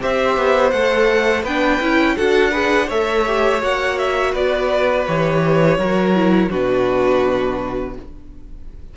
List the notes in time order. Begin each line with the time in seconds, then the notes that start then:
0.00 C4 G4 C5 E5
0.36 B3
0.70 A3 A4 F#5
1.43 B3 D4 B4 G5
1.80 C#4 E4
2.15 D4 F#4 A4 F#5
2.51 G#4 B4
2.87 A3 A4 C#5 E5
3.26 G4
3.59 A#3 F#4 F#5
3.98 E5
4.32 B3 B4 D5
5.07 E3 G4 C#5
5.78 F#3 F#4 A#4
6.15 E4
6.49 B2 D4 F#4 B4